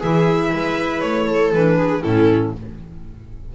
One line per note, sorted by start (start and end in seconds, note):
0.00 0.53 E3
0.00 1.55 E4
0.00 0.51 G#4
0.00 1.01 E5
0.52 1.02 G#3
0.52 1.26 B4
1.01 1.53 A3
1.01 1.52 C#5
1.26 1.77 A4
1.53 2.04 E3
1.53 2.03 D4
1.53 2.03 B4
1.78 2.03 G#4
2.03 2.55 A2
2.03 2.53 C#4
2.03 2.54 E4
2.03 2.54 A4